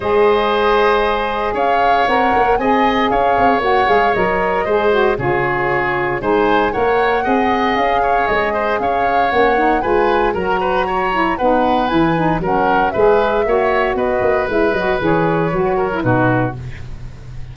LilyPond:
<<
  \new Staff \with { instrumentName = "flute" } { \time 4/4 \tempo 4 = 116 dis''2. f''4 | fis''4 gis''4 f''4 fis''8 f''8 | dis''2 cis''2 | gis''4 fis''2 f''4 |
dis''4 f''4 fis''4 gis''4 | ais''2 fis''4 gis''4 | fis''4 e''2 dis''4 | e''8 dis''8 cis''2 b'4 | }
  \new Staff \with { instrumentName = "oboe" } { \time 4/4 c''2. cis''4~ | cis''4 dis''4 cis''2~ | cis''4 c''4 gis'2 | c''4 cis''4 dis''4. cis''8~ |
cis''8 c''8 cis''2 b'4 | ais'8 b'8 cis''4 b'2 | ais'4 b'4 cis''4 b'4~ | b'2~ b'8 ais'8 fis'4 | }
  \new Staff \with { instrumentName = "saxophone" } { \time 4/4 gis'1 | ais'4 gis'2 fis'8 gis'8 | ais'4 gis'8 fis'8 f'2 | dis'4 ais'4 gis'2~ |
gis'2 cis'8 dis'8 f'4 | fis'4. e'8 dis'4 e'8 dis'8 | cis'4 gis'4 fis'2 | e'8 fis'8 gis'4 fis'8. e'16 dis'4 | }
  \new Staff \with { instrumentName = "tuba" } { \time 4/4 gis2. cis'4 | c'8 ais8 c'4 cis'8 c'8 ais8 gis8 | fis4 gis4 cis2 | gis4 ais4 c'4 cis'4 |
gis4 cis'4 ais4 gis4 | fis2 b4 e4 | fis4 gis4 ais4 b8 ais8 | gis8 fis8 e4 fis4 b,4 | }
>>